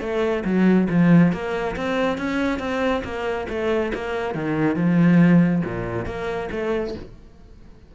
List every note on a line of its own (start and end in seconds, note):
0.00 0.43 A3
0.44 0.88 F#3
0.89 1.32 F3
1.32 1.76 A#3
1.76 2.18 C4
2.18 2.59 C#4
2.59 3.02 C4
3.04 3.47 A#3
3.49 3.92 A3
3.94 4.34 A#3
4.34 4.75 D#3
4.75 5.62 F3
5.64 6.05 A#2
6.05 6.48 A#3
6.51 6.94 A3